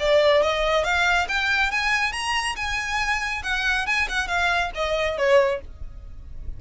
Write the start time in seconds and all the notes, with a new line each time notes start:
0.00 D5
0.43 D#5
0.84 F5
1.29 G5
1.72 G#5
2.13 A#5
2.56 G#5
3.43 F#5
3.87 G#5
4.09 F#5
4.28 F5
4.75 D#5
5.18 C#5